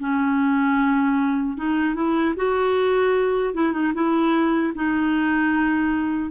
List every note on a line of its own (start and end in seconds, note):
0.00 1.58 C#4
1.58 1.95 D#4
1.95 2.35 E4
2.36 3.55 F#4
3.55 3.73 E4
3.73 3.93 D#4
3.94 4.73 E4
4.75 6.31 D#4